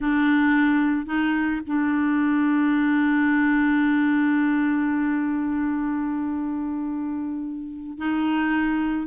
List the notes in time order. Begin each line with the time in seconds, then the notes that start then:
0.01 D4
1.06 D#4
1.67 D4
7.98 D#4